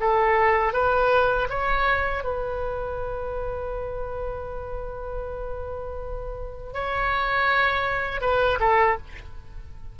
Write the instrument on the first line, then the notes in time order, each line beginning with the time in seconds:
oboe
0.00 A4
0.73 B4
1.49 C#5
2.24 B4
6.73 C#5
8.21 B4
8.60 A4